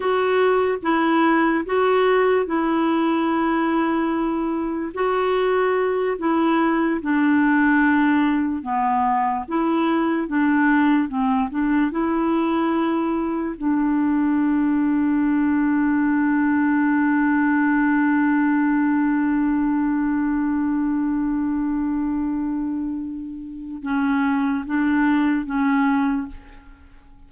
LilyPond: \new Staff \with { instrumentName = "clarinet" } { \time 4/4 \tempo 4 = 73 fis'4 e'4 fis'4 e'4~ | e'2 fis'4. e'8~ | e'8 d'2 b4 e'8~ | e'8 d'4 c'8 d'8 e'4.~ |
e'8 d'2.~ d'8~ | d'1~ | d'1~ | d'4 cis'4 d'4 cis'4 | }